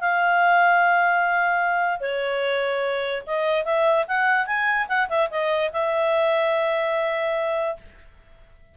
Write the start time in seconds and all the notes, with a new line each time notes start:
0.00 F5
2.00 C#5
3.26 D#5
3.65 E5
4.07 F#5
4.46 G#5
4.88 F#5
5.09 E5
5.30 D#5
5.73 E5